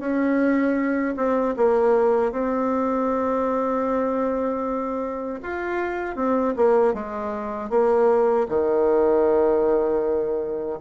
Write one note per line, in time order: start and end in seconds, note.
0.00 1.15 C#4
1.17 1.56 C4
1.57 2.33 A#3
2.33 5.40 C4
5.43 6.16 F4
6.16 6.55 C4
6.57 6.94 A#3
6.94 7.70 G#3
7.70 8.47 A#3
8.49 10.80 D#3